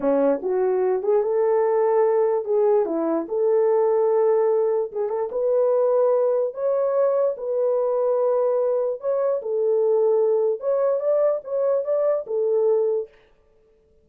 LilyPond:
\new Staff \with { instrumentName = "horn" } { \time 4/4 \tempo 4 = 147 cis'4 fis'4. gis'8 a'4~ | a'2 gis'4 e'4 | a'1 | gis'8 a'8 b'2. |
cis''2 b'2~ | b'2 cis''4 a'4~ | a'2 cis''4 d''4 | cis''4 d''4 a'2 | }